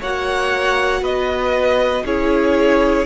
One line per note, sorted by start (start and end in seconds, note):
0.00 1.01 A#3
0.00 2.07 F#4
0.00 1.02 C#5
0.00 1.04 F#5
1.01 2.03 B3
1.01 2.04 B4
1.01 2.06 D#5
2.04 3.06 C#4
2.04 3.06 E4
2.04 3.06 G#4
2.04 3.06 C#5